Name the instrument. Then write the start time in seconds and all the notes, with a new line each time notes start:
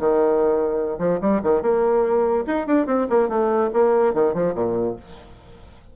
bassoon
0.00 D#3
0.99 F3
1.22 G3
1.43 D#3
1.62 A#3
2.47 D#4
2.67 D4
2.87 C4
3.10 A#3
3.29 A3
3.74 A#3
4.15 D#3
4.34 F3
4.55 A#2